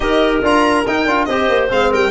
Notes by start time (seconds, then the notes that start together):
0.00 D#4 G4 A#4 D#5
0.42 D4 F4 A#5
0.86 D#4 G5
1.05 D4 F4
1.24 C4 G4 C5 D#5
1.49 A#3
1.69 G#3 C4 F5
1.90 G3 A#4 G5